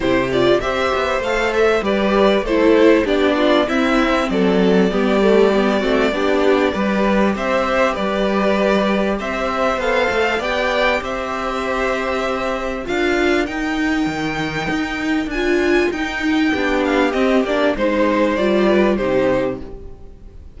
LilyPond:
<<
  \new Staff \with { instrumentName = "violin" } { \time 4/4 \tempo 4 = 98 c''8 d''8 e''4 f''8 e''8 d''4 | c''4 d''4 e''4 d''4~ | d''1 | e''4 d''2 e''4 |
f''4 g''4 e''2~ | e''4 f''4 g''2~ | g''4 gis''4 g''4. f''8 | dis''8 d''8 c''4 d''4 c''4 | }
  \new Staff \with { instrumentName = "violin" } { \time 4/4 g'4 c''2 b'4 | a'4 g'8 f'8 e'4 a'4 | g'4. fis'8 g'4 b'4 | c''4 b'2 c''4~ |
c''4 d''4 c''2~ | c''4 ais'2.~ | ais'2. g'4~ | g'4 c''4. b'8 g'4 | }
  \new Staff \with { instrumentName = "viola" } { \time 4/4 e'8 f'8 g'4 a'4 g'4 | e'4 d'4 c'2 | b8 a8 b8 c'8 d'4 g'4~ | g'1 |
a'4 g'2.~ | g'4 f'4 dis'2~ | dis'4 f'4 dis'4 d'4 | c'8 d'8 dis'4 f'4 dis'4 | }
  \new Staff \with { instrumentName = "cello" } { \time 4/4 c4 c'8 b8 a4 g4 | a4 b4 c'4 fis4 | g4. a8 b4 g4 | c'4 g2 c'4 |
b8 a8 b4 c'2~ | c'4 d'4 dis'4 dis4 | dis'4 d'4 dis'4 b4 | c'8 ais8 gis4 g4 c4 | }
>>